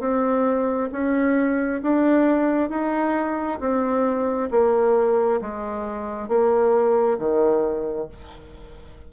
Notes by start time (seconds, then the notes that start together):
0.00 C4
0.92 C#4
1.83 D4
2.70 D#4
3.61 C4
4.51 A#3
5.41 G#3
6.29 A#3
7.19 D#3